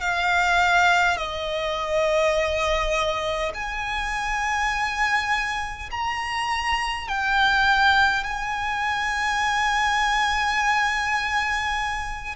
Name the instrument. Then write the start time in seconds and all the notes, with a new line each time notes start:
violin
0.00 F5
1.17 D#5
3.54 G#5
5.91 A#5
7.07 G5
8.24 G#5